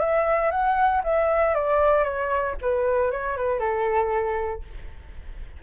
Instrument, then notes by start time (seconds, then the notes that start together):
flute
0.00 E5
0.51 F#5
1.04 E5
1.55 D5
2.04 C#5
2.62 B4
3.11 C#5
3.37 B4
3.60 A4